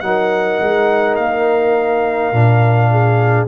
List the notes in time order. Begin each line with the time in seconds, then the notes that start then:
0.00 F#3 D#4 A#4 F#5
0.60 G#3
1.16 A#3 F5
2.32 A#2 D4
2.91 G#4